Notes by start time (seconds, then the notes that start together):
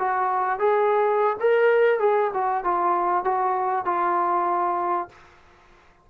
0.00 F#4
0.60 G#4
1.41 A#4
2.00 G#4
2.34 F#4
2.65 F4
3.25 F#4
3.86 F4